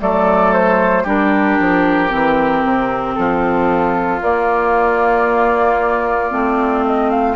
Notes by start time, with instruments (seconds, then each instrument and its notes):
0.00 bassoon F#3, clarinet A3, oboe A4, flute D5
0.53 flute C5
1.04 bassoon G3, clarinet D4, oboe G4, flute A#4
1.60 bassoon F3
2.09 bassoon E3, clarinet C4
2.64 bassoon C3
3.15 bassoon F3, oboe F4, flute A4
4.21 bassoon A#3, clarinet A#3, flute D5
6.31 bassoon A3, clarinet C4
6.86 flute D#5
7.10 flute F5